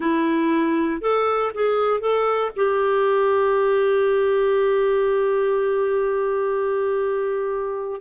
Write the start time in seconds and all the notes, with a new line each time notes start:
0.00 E4
1.01 A4
1.54 G#4
2.00 A4
2.55 G4